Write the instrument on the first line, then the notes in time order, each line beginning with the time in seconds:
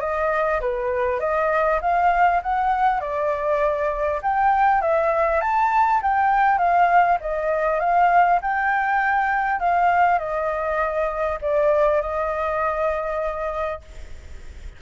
flute
0.00 D#5
0.61 B4
1.20 D#5
1.81 F5
2.43 F#5
3.01 D5
4.22 G5
4.81 E5
5.41 A5
6.02 G5
6.58 F5
7.21 D#5
7.80 F5
8.42 G5
9.60 F5
10.18 D#5
11.41 D5
12.01 D#5